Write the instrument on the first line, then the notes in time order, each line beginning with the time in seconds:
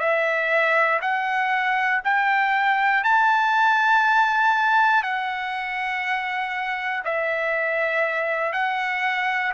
trumpet
0.00 E5
1.02 F#5
2.04 G5
3.04 A5
5.03 F#5
7.05 E5
8.53 F#5